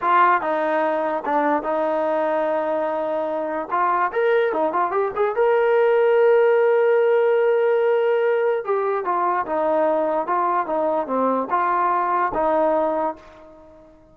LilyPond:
\new Staff \with { instrumentName = "trombone" } { \time 4/4 \tempo 4 = 146 f'4 dis'2 d'4 | dis'1~ | dis'4 f'4 ais'4 dis'8 f'8 | g'8 gis'8 ais'2.~ |
ais'1~ | ais'4 g'4 f'4 dis'4~ | dis'4 f'4 dis'4 c'4 | f'2 dis'2 | }